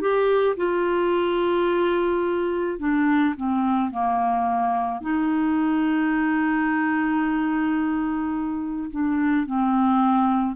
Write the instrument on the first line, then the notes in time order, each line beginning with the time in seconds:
clarinet
0.00 G4
0.57 F4
2.79 D4
3.36 C4
3.90 A#3
5.01 D#4
8.90 D4
9.45 C4